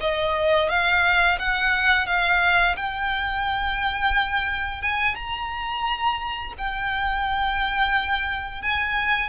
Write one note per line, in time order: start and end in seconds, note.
0.00 0.69 D#5
0.69 1.38 F5
1.38 2.06 F#5
2.06 2.75 F5
2.76 4.82 G5
4.82 5.15 G#5
5.15 6.53 A#5
6.58 8.62 G5
8.62 9.29 G#5